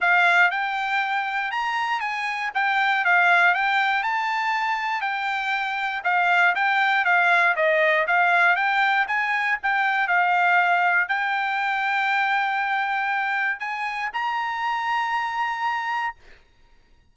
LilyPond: \new Staff \with { instrumentName = "trumpet" } { \time 4/4 \tempo 4 = 119 f''4 g''2 ais''4 | gis''4 g''4 f''4 g''4 | a''2 g''2 | f''4 g''4 f''4 dis''4 |
f''4 g''4 gis''4 g''4 | f''2 g''2~ | g''2. gis''4 | ais''1 | }